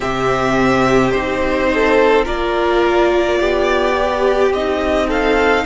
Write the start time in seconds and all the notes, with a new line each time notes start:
0.00 C3 C4 G4 E5
1.11 C4 D#4 C5
1.74 A4
2.25 A#3 F4 A#4 D5
3.39 B3 G4
3.97 G4
4.51 C4 D#4 D#5
5.07 A4 F5